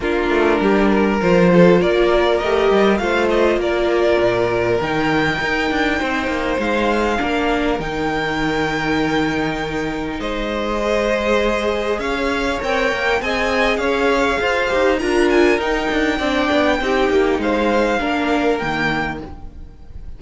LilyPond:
<<
  \new Staff \with { instrumentName = "violin" } { \time 4/4 \tempo 4 = 100 ais'2 c''4 d''4 | dis''4 f''8 dis''8 d''2 | g''2. f''4~ | f''4 g''2.~ |
g''4 dis''2. | f''4 g''4 gis''4 f''4~ | f''4 ais''8 gis''8 g''2~ | g''4 f''2 g''4 | }
  \new Staff \with { instrumentName = "violin" } { \time 4/4 f'4 g'8 ais'4 a'8 ais'4~ | ais'4 c''4 ais'2~ | ais'2 c''2 | ais'1~ |
ais'4 c''2. | cis''2 dis''4 cis''4 | c''4 ais'2 d''4 | g'4 c''4 ais'2 | }
  \new Staff \with { instrumentName = "viola" } { \time 4/4 d'2 f'2 | g'4 f'2. | dis'1 | d'4 dis'2.~ |
dis'2 gis'2~ | gis'4 ais'4 gis'2~ | gis'8 g'8 f'4 dis'4 d'4 | dis'2 d'4 ais4 | }
  \new Staff \with { instrumentName = "cello" } { \time 4/4 ais8 a8 g4 f4 ais4 | a8 g8 a4 ais4 ais,4 | dis4 dis'8 d'8 c'8 ais8 gis4 | ais4 dis2.~ |
dis4 gis2. | cis'4 c'8 ais8 c'4 cis'4 | f'8 dis'8 d'4 dis'8 d'8 c'8 b8 | c'8 ais8 gis4 ais4 dis4 | }
>>